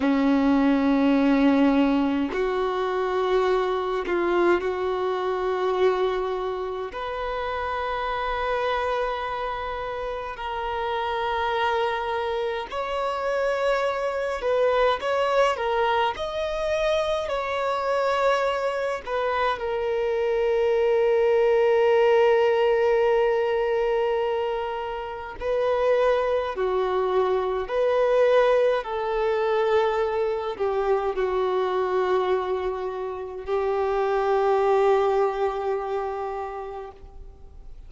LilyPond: \new Staff \with { instrumentName = "violin" } { \time 4/4 \tempo 4 = 52 cis'2 fis'4. f'8 | fis'2 b'2~ | b'4 ais'2 cis''4~ | cis''8 b'8 cis''8 ais'8 dis''4 cis''4~ |
cis''8 b'8 ais'2.~ | ais'2 b'4 fis'4 | b'4 a'4. g'8 fis'4~ | fis'4 g'2. | }